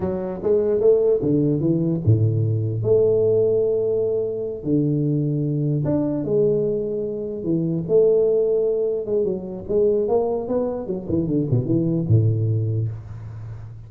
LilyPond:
\new Staff \with { instrumentName = "tuba" } { \time 4/4 \tempo 4 = 149 fis4 gis4 a4 d4 | e4 a,2 a4~ | a2.~ a8 d8~ | d2~ d8 d'4 gis8~ |
gis2~ gis8 e4 a8~ | a2~ a8 gis8 fis4 | gis4 ais4 b4 fis8 e8 | d8 b,8 e4 a,2 | }